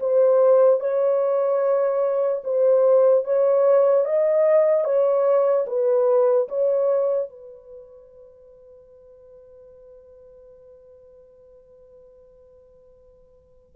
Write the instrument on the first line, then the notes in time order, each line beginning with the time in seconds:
horn
0.00 C5
0.81 C#5
2.44 C5
3.25 C#5
4.05 D#5
4.85 C#5
5.67 B4
6.49 C#5
7.30 B4